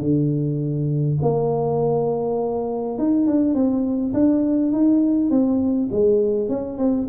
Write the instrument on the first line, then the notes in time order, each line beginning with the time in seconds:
tuba
0.00 D3
1.22 A#3
2.98 D#4
3.27 D4
3.55 C4
4.14 D4
4.72 D#4
5.30 C4
5.91 G#3
6.49 C#4
6.78 C4